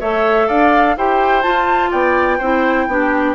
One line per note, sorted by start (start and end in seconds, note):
0.00 0.49 A3
0.00 0.97 A4
0.00 0.48 C#5
0.00 0.48 E5
0.48 0.97 D4
0.48 0.96 D5
0.48 0.96 F5
0.97 1.45 E4
0.97 1.43 G4
0.97 1.90 C5
0.97 1.42 G5
1.42 2.39 F4
1.42 1.92 F4
1.42 1.90 A5
1.90 2.40 B3
1.90 2.38 D5
1.90 3.35 G5
2.38 2.87 C4
2.38 2.90 E4
2.38 2.86 C5
2.87 3.35 B3
2.87 3.35 D4
2.87 3.35 G4